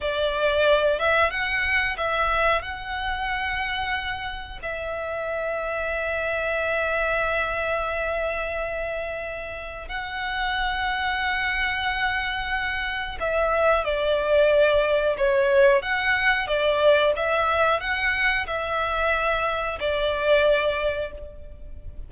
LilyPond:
\new Staff \with { instrumentName = "violin" } { \time 4/4 \tempo 4 = 91 d''4. e''8 fis''4 e''4 | fis''2. e''4~ | e''1~ | e''2. fis''4~ |
fis''1 | e''4 d''2 cis''4 | fis''4 d''4 e''4 fis''4 | e''2 d''2 | }